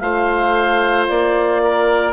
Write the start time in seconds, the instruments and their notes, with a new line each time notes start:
0.00 bassoon A3, horn F4, oboe C5, clarinet F5
1.08 bassoon A#3, clarinet D5
1.64 oboe A#4